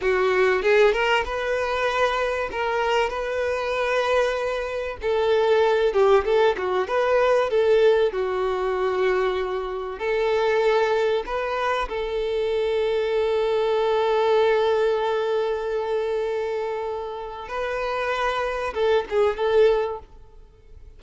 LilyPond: \new Staff \with { instrumentName = "violin" } { \time 4/4 \tempo 4 = 96 fis'4 gis'8 ais'8 b'2 | ais'4 b'2. | a'4. g'8 a'8 fis'8 b'4 | a'4 fis'2. |
a'2 b'4 a'4~ | a'1~ | a'1 | b'2 a'8 gis'8 a'4 | }